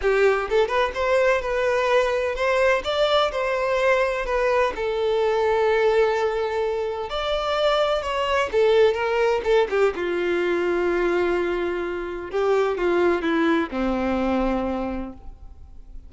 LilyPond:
\new Staff \with { instrumentName = "violin" } { \time 4/4 \tempo 4 = 127 g'4 a'8 b'8 c''4 b'4~ | b'4 c''4 d''4 c''4~ | c''4 b'4 a'2~ | a'2. d''4~ |
d''4 cis''4 a'4 ais'4 | a'8 g'8 f'2.~ | f'2 g'4 f'4 | e'4 c'2. | }